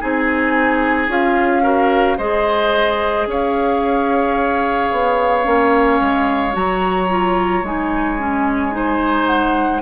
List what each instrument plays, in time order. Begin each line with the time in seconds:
0.00 bassoon C4, clarinet D#4, oboe G#4, flute G#5
1.08 bassoon C#4, clarinet F4, flute F5
1.62 clarinet F#4, oboe A#4
2.18 bassoon G#3, clarinet G#4, oboe C5, flute D#5
3.27 bassoon C#4, oboe C#5, flute F5
4.92 bassoon B3
5.44 bassoon A#3, clarinet C#4
6.01 bassoon G#3
6.53 bassoon F#3, clarinet F#4, flute A#5
7.09 clarinet F4
7.63 bassoon G#3, clarinet D#4, flute G#5
8.19 clarinet C#4
8.72 clarinet D#4, oboe C5
9.27 flute F#5